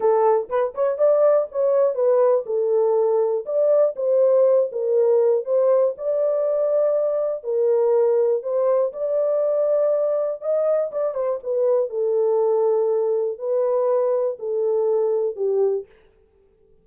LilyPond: \new Staff \with { instrumentName = "horn" } { \time 4/4 \tempo 4 = 121 a'4 b'8 cis''8 d''4 cis''4 | b'4 a'2 d''4 | c''4. ais'4. c''4 | d''2. ais'4~ |
ais'4 c''4 d''2~ | d''4 dis''4 d''8 c''8 b'4 | a'2. b'4~ | b'4 a'2 g'4 | }